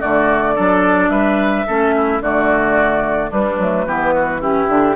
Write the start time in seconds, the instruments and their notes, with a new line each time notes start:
0.00 bassoon D3, clarinet A3, oboe F#4, flute D5
0.55 bassoon F#3, clarinet D4, oboe A4
1.10 bassoon G3, oboe B4, flute E5
1.67 bassoon A3, clarinet C#4, oboe A4
1.96 oboe E4
2.21 bassoon D3, clarinet A3, oboe F#4, flute D5
3.31 bassoon G3, clarinet G3, oboe D4, flute B4
3.58 bassoon F#3, clarinet A3
3.86 bassoon E3, clarinet B3, oboe G4
4.15 oboe F#4
4.41 clarinet C#4, oboe E4, flute G4
4.68 bassoon D3, clarinet D4